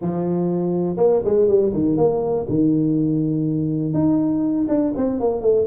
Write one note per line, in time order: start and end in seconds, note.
0.01 0.96 F3
0.96 1.21 A#3
1.24 1.48 G#3
1.48 1.72 G3
1.73 1.97 D#3
1.97 2.46 A#3
2.48 3.93 D#3
3.93 4.67 D#4
4.68 4.92 D4
4.96 5.20 C4
5.20 5.41 A#3
5.41 5.66 A3